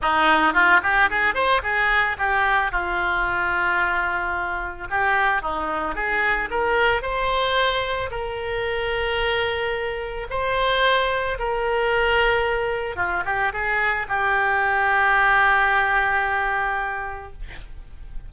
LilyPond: \new Staff \with { instrumentName = "oboe" } { \time 4/4 \tempo 4 = 111 dis'4 f'8 g'8 gis'8 c''8 gis'4 | g'4 f'2.~ | f'4 g'4 dis'4 gis'4 | ais'4 c''2 ais'4~ |
ais'2. c''4~ | c''4 ais'2. | f'8 g'8 gis'4 g'2~ | g'1 | }